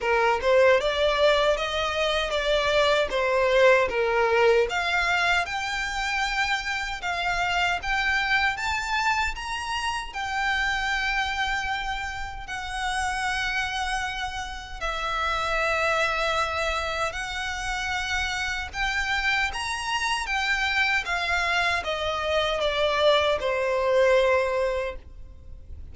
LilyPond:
\new Staff \with { instrumentName = "violin" } { \time 4/4 \tempo 4 = 77 ais'8 c''8 d''4 dis''4 d''4 | c''4 ais'4 f''4 g''4~ | g''4 f''4 g''4 a''4 | ais''4 g''2. |
fis''2. e''4~ | e''2 fis''2 | g''4 ais''4 g''4 f''4 | dis''4 d''4 c''2 | }